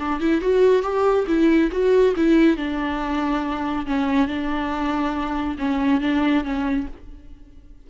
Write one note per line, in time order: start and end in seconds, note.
0.00 0.20 D4
0.20 0.42 E4
0.42 0.83 F#4
0.83 1.26 G4
1.28 1.71 E4
1.72 2.15 F#4
2.17 2.57 E4
2.57 3.87 D4
3.87 4.28 C#4
4.28 5.57 D4
5.59 6.01 C#4
6.01 6.44 D4
6.44 6.87 C#4